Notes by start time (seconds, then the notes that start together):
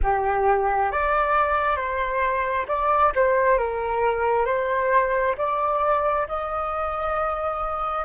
0.02 G4
0.91 D5
1.76 C5
2.68 D5
3.15 C5
3.58 A#4
4.45 C5
5.37 D5
6.27 D#5